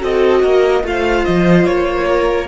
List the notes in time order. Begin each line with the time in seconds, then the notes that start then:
0.00 C4 F#4 A4 D#5
0.43 A#3 A#4
0.84 A3 F4 C5 F5
1.25 F3 D#5
1.66 A#3 C#5
2.08 A#4